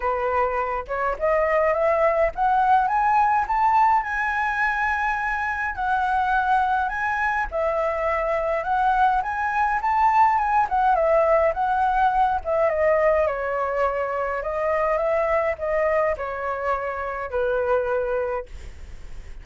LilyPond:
\new Staff \with { instrumentName = "flute" } { \time 4/4 \tempo 4 = 104 b'4. cis''8 dis''4 e''4 | fis''4 gis''4 a''4 gis''4~ | gis''2 fis''2 | gis''4 e''2 fis''4 |
gis''4 a''4 gis''8 fis''8 e''4 | fis''4. e''8 dis''4 cis''4~ | cis''4 dis''4 e''4 dis''4 | cis''2 b'2 | }